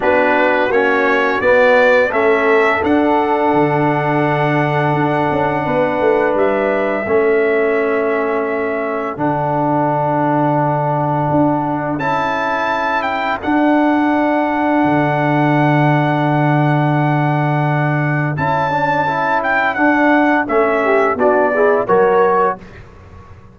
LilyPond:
<<
  \new Staff \with { instrumentName = "trumpet" } { \time 4/4 \tempo 4 = 85 b'4 cis''4 d''4 e''4 | fis''1~ | fis''4 e''2.~ | e''4 fis''2.~ |
fis''4 a''4. g''8 fis''4~ | fis''1~ | fis''2 a''4. g''8 | fis''4 e''4 d''4 cis''4 | }
  \new Staff \with { instrumentName = "horn" } { \time 4/4 fis'2. a'4~ | a'1 | b'2 a'2~ | a'1~ |
a'1~ | a'1~ | a'1~ | a'4. g'8 fis'8 gis'8 ais'4 | }
  \new Staff \with { instrumentName = "trombone" } { \time 4/4 d'4 cis'4 b4 cis'4 | d'1~ | d'2 cis'2~ | cis'4 d'2.~ |
d'4 e'2 d'4~ | d'1~ | d'2 e'8 d'8 e'4 | d'4 cis'4 d'8 e'8 fis'4 | }
  \new Staff \with { instrumentName = "tuba" } { \time 4/4 b4 ais4 b4 a4 | d'4 d2 d'8 cis'8 | b8 a8 g4 a2~ | a4 d2. |
d'4 cis'2 d'4~ | d'4 d2.~ | d2 cis'2 | d'4 a4 b4 fis4 | }
>>